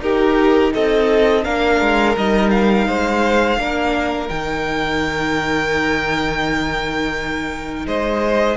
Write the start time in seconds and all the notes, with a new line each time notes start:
0.00 D#4 G4 A#4
0.74 C4 A4 D#5
1.43 A#3 D4 A#4 F5
1.80 G#3
2.16 G3 D#4 D#5
2.50 F5
2.87 G#3 C5
3.57 A#3 D4 A#4
4.29 D#3 D#4 G5
7.86 G#3 C5 D#5